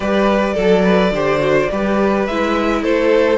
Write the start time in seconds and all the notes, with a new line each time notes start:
0.00 G3 G4 B4 D5
0.54 F#3 A4
0.84 B4
1.11 D3 G4 C5
1.39 F#4
1.71 G3 G4 B4
2.26 G#3 E4 E5
2.82 A3 A4 C5